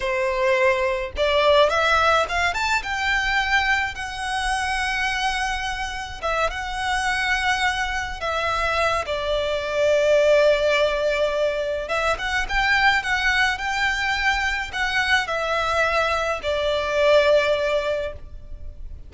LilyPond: \new Staff \with { instrumentName = "violin" } { \time 4/4 \tempo 4 = 106 c''2 d''4 e''4 | f''8 a''8 g''2 fis''4~ | fis''2. e''8 fis''8~ | fis''2~ fis''8 e''4. |
d''1~ | d''4 e''8 fis''8 g''4 fis''4 | g''2 fis''4 e''4~ | e''4 d''2. | }